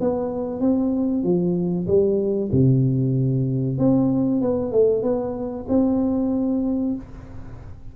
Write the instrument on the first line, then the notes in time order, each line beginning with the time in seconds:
tuba
0.00 B3
0.60 C4
1.23 F3
1.87 G3
2.52 C3
3.78 C4
4.41 B3
4.71 A3
5.02 B3
5.68 C4